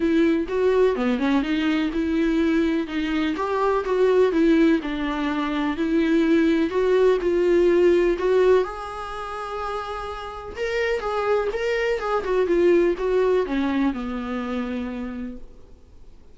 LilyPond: \new Staff \with { instrumentName = "viola" } { \time 4/4 \tempo 4 = 125 e'4 fis'4 b8 cis'8 dis'4 | e'2 dis'4 g'4 | fis'4 e'4 d'2 | e'2 fis'4 f'4~ |
f'4 fis'4 gis'2~ | gis'2 ais'4 gis'4 | ais'4 gis'8 fis'8 f'4 fis'4 | cis'4 b2. | }